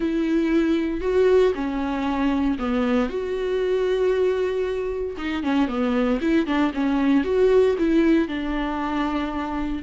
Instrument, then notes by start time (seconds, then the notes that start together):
viola
0.00 E4
1.01 F#4
1.54 C#4
2.58 B3
3.09 F#4
5.17 D#4
5.43 C#4
5.68 B3
6.21 E4
6.46 D4
6.74 C#4
7.24 F#4
7.78 E4
8.28 D4